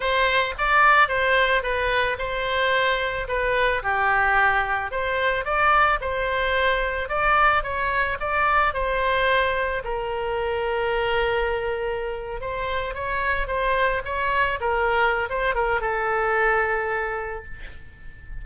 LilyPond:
\new Staff \with { instrumentName = "oboe" } { \time 4/4 \tempo 4 = 110 c''4 d''4 c''4 b'4 | c''2 b'4 g'4~ | g'4 c''4 d''4 c''4~ | c''4 d''4 cis''4 d''4 |
c''2 ais'2~ | ais'2~ ais'8. c''4 cis''16~ | cis''8. c''4 cis''4 ais'4~ ais'16 | c''8 ais'8 a'2. | }